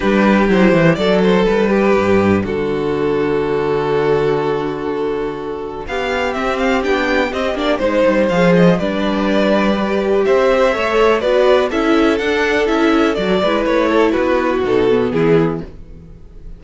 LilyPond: <<
  \new Staff \with { instrumentName = "violin" } { \time 4/4 \tempo 4 = 123 b'4 c''4 d''8 c''8 b'4~ | b'4 a'2.~ | a'1 | f''4 e''8 f''8 g''4 dis''8 d''8 |
c''4 f''8 dis''8 d''2~ | d''4 e''2 d''4 | e''4 fis''4 e''4 d''4 | cis''4 b'4 a'4 gis'4 | }
  \new Staff \with { instrumentName = "violin" } { \time 4/4 g'2 a'4. g'8~ | g'4 fis'2.~ | fis'1 | g'1 |
c''2 b'2~ | b'4 c''4 cis''4 b'4 | a'2.~ a'8 b'8~ | b'8 a'8 fis'2 e'4 | }
  \new Staff \with { instrumentName = "viola" } { \time 4/4 d'4 e'4 d'2~ | d'1~ | d'1~ | d'4 c'4 d'4 c'8 d'8 |
dis'4 gis'4 d'2 | g'2 a'4 fis'4 | e'4 d'4 e'4 fis'8 e'8~ | e'2 dis'8 b4. | }
  \new Staff \with { instrumentName = "cello" } { \time 4/4 g4 fis8 e8 fis4 g4 | g,4 d2.~ | d1 | b4 c'4 b4 c'8 ais8 |
gis8 g8 f4 g2~ | g4 c'4 a4 b4 | cis'4 d'4 cis'4 fis8 gis8 | a4 b4 b,4 e4 | }
>>